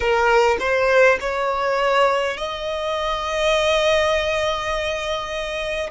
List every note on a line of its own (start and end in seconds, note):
0.00 0.57 A#4
0.59 1.18 C5
1.20 2.37 C#5
2.37 5.90 D#5